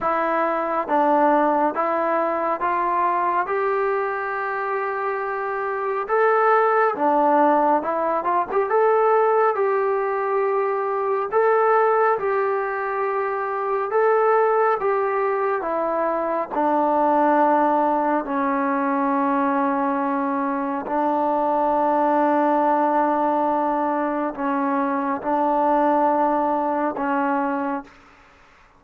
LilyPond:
\new Staff \with { instrumentName = "trombone" } { \time 4/4 \tempo 4 = 69 e'4 d'4 e'4 f'4 | g'2. a'4 | d'4 e'8 f'16 g'16 a'4 g'4~ | g'4 a'4 g'2 |
a'4 g'4 e'4 d'4~ | d'4 cis'2. | d'1 | cis'4 d'2 cis'4 | }